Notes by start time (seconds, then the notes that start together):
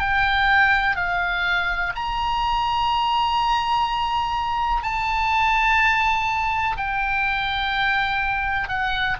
0.00 G5
0.96 F5
1.96 A#5
4.83 A5
6.77 G5
8.69 F#5